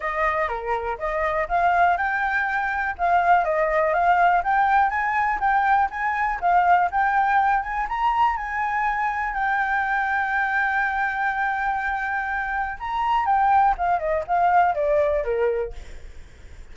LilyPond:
\new Staff \with { instrumentName = "flute" } { \time 4/4 \tempo 4 = 122 dis''4 ais'4 dis''4 f''4 | g''2 f''4 dis''4 | f''4 g''4 gis''4 g''4 | gis''4 f''4 g''4. gis''8 |
ais''4 gis''2 g''4~ | g''1~ | g''2 ais''4 g''4 | f''8 dis''8 f''4 d''4 ais'4 | }